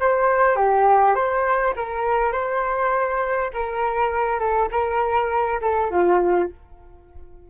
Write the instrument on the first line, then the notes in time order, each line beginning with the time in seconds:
flute
0.00 C5
0.56 G4
1.15 C5
1.76 A#4
2.32 C5
3.54 A#4
4.40 A4
4.72 A#4
5.62 A4
5.91 F4